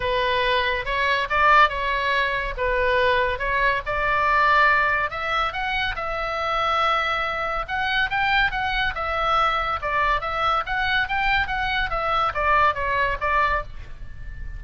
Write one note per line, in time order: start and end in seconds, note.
0.00 0.85 B4
0.85 1.27 C#5
1.29 1.69 D5
1.69 2.54 C#5
2.57 3.38 B4
3.38 3.81 C#5
3.85 5.10 D5
5.10 5.52 E5
5.52 5.95 F#5
5.95 7.65 E5
7.68 8.10 F#5
8.10 8.51 G5
8.51 8.93 F#5
8.94 9.79 E5
9.81 10.21 D5
10.21 10.63 E5
10.66 11.08 F#5
11.08 11.47 G5
11.47 11.90 F#5
11.90 12.32 E5
12.33 12.74 D5
12.74 13.17 C#5
13.20 13.63 D5